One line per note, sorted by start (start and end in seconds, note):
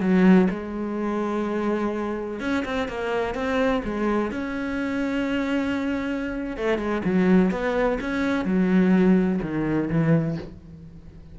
0.00 0.48 F#3
0.50 2.40 G#3
2.40 2.64 C#4
2.65 2.88 C4
2.88 3.35 A#3
3.35 3.82 C4
3.84 4.31 G#3
4.31 6.57 C#4
6.57 6.78 A3
6.78 7.02 G#3
7.04 7.51 F#3
7.51 7.98 B3
8.01 8.45 C#4
8.45 9.40 F#3
9.42 9.89 D#3
9.90 10.37 E3